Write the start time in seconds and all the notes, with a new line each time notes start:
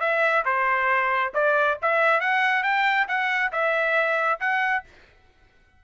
0.00 E5
0.45 C5
1.34 D5
1.82 E5
2.20 F#5
2.63 G5
3.08 F#5
3.52 E5
4.40 F#5